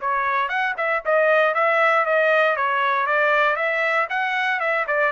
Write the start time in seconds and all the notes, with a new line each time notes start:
0.00 C#5
0.48 F#5
0.77 E5
1.05 D#5
1.54 E5
2.05 D#5
2.56 C#5
3.06 D5
3.56 E5
4.09 F#5
4.60 E5
4.87 D5